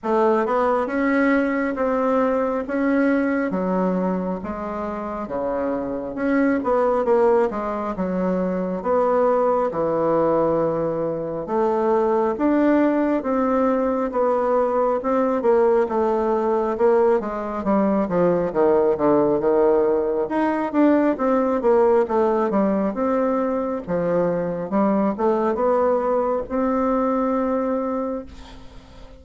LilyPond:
\new Staff \with { instrumentName = "bassoon" } { \time 4/4 \tempo 4 = 68 a8 b8 cis'4 c'4 cis'4 | fis4 gis4 cis4 cis'8 b8 | ais8 gis8 fis4 b4 e4~ | e4 a4 d'4 c'4 |
b4 c'8 ais8 a4 ais8 gis8 | g8 f8 dis8 d8 dis4 dis'8 d'8 | c'8 ais8 a8 g8 c'4 f4 | g8 a8 b4 c'2 | }